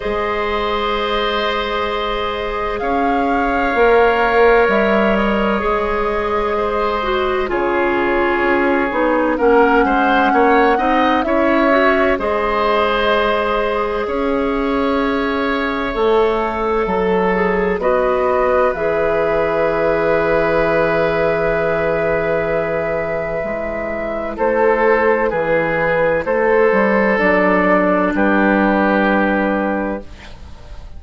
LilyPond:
<<
  \new Staff \with { instrumentName = "flute" } { \time 4/4 \tempo 4 = 64 dis''2. f''4~ | f''4 e''8 dis''2~ dis''8 | cis''2 fis''2 | e''4 dis''2 e''4~ |
e''2. dis''4 | e''1~ | e''2 c''4 b'4 | c''4 d''4 b'2 | }
  \new Staff \with { instrumentName = "oboe" } { \time 4/4 c''2. cis''4~ | cis''2. c''4 | gis'2 ais'8 c''8 cis''8 dis''8 | cis''4 c''2 cis''4~ |
cis''2 a'4 b'4~ | b'1~ | b'2 a'4 gis'4 | a'2 g'2 | }
  \new Staff \with { instrumentName = "clarinet" } { \time 4/4 gis'1 | ais'2 gis'4. fis'8 | f'4. dis'8 cis'4. dis'8 | e'8 fis'8 gis'2.~ |
gis'4 a'4. gis'8 fis'4 | gis'1~ | gis'4 e'2.~ | e'4 d'2. | }
  \new Staff \with { instrumentName = "bassoon" } { \time 4/4 gis2. cis'4 | ais4 g4 gis2 | cis4 cis'8 b8 ais8 gis8 ais8 c'8 | cis'4 gis2 cis'4~ |
cis'4 a4 fis4 b4 | e1~ | e4 gis4 a4 e4 | a8 g8 fis4 g2 | }
>>